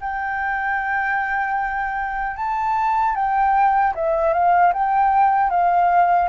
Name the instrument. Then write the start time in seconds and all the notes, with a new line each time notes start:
flute
0.00 G5
2.36 A5
3.15 G5
3.95 E5
4.33 F5
4.73 G5
5.50 F5